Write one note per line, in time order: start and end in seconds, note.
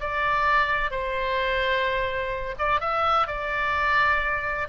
0.00 0.91 D5
0.91 2.55 C5
2.58 2.81 D5
2.81 3.27 E5
3.27 4.68 D5